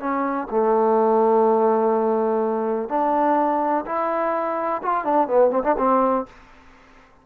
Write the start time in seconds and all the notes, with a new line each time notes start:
0.00 C#4
0.51 A3
2.89 D4
3.86 E4
4.83 F4
5.05 D4
5.28 B3
5.51 C4
5.64 D4
5.78 C4